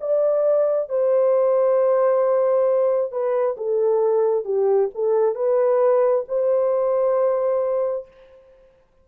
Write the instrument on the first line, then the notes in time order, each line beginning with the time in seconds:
horn
0.00 D5
0.89 C5
3.11 B4
3.57 A4
4.44 G4
4.94 A4
5.35 B4
6.28 C5